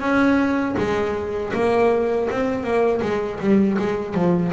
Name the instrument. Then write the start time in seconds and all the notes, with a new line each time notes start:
double bass
0.00 C#4
0.77 G#3
1.53 A#3
2.30 C4
2.63 A#3
3.02 G#3
3.40 G3
3.78 G#3
4.14 F3